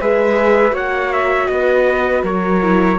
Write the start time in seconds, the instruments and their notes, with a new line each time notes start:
0.00 cello G#3, viola G#4, flute B4, trumpet E5
0.71 cello A#3, viola F#4, flute C#5, trumpet F#5
1.13 trumpet E5
1.48 cello B3, flute B4, trumpet D#5
2.23 cello F#3, flute A#4, trumpet C#5
2.61 viola E4